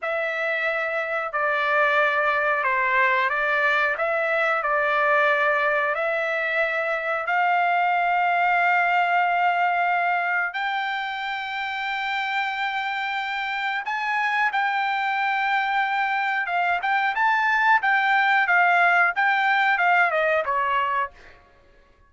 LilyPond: \new Staff \with { instrumentName = "trumpet" } { \time 4/4 \tempo 4 = 91 e''2 d''2 | c''4 d''4 e''4 d''4~ | d''4 e''2 f''4~ | f''1 |
g''1~ | g''4 gis''4 g''2~ | g''4 f''8 g''8 a''4 g''4 | f''4 g''4 f''8 dis''8 cis''4 | }